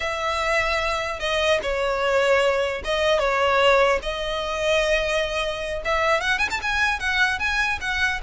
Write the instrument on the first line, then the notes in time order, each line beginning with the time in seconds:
violin
0.00 E5
1.19 D#5
1.62 C#5
2.84 D#5
3.19 C#5
4.02 D#5
5.84 E5
6.20 F#5
6.38 G#5
6.50 A5
6.62 G#5
6.99 F#5
7.39 G#5
7.80 F#5